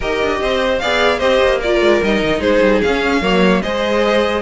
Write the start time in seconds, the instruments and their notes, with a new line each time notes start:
0.00 cello D#4, viola G4, violin A#4 D#5
0.22 cello D4
0.40 cello C4, violin C5
0.78 cello B3, viola G#4, violin D5 F5
1.18 cello C4, viola G4, violin C5 D#5
1.42 cello A#3
1.58 viola F4, violin A#4 D5
1.81 cello G#3
2.02 cello G3, viola D#4, violin D#5
2.23 cello D#3
2.39 cello G#3, violin G#4 C5
2.61 cello G3
2.81 viola C#4, cello C#4, violin F5
3.21 cello F#3, viola A#3, violin C#5
3.62 cello G#3, viola G#4, violin C5 D#5